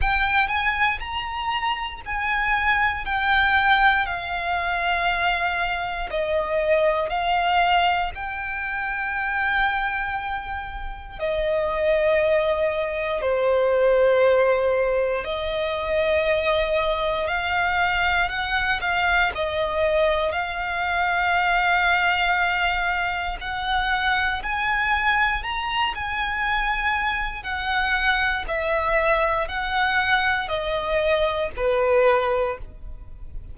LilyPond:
\new Staff \with { instrumentName = "violin" } { \time 4/4 \tempo 4 = 59 g''8 gis''8 ais''4 gis''4 g''4 | f''2 dis''4 f''4 | g''2. dis''4~ | dis''4 c''2 dis''4~ |
dis''4 f''4 fis''8 f''8 dis''4 | f''2. fis''4 | gis''4 ais''8 gis''4. fis''4 | e''4 fis''4 dis''4 b'4 | }